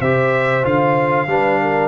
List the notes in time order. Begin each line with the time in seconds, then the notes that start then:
0.00 C3 G4 C5 E5
0.63 D3 F4 F5
1.27 G3 D4 B4
1.61 A#4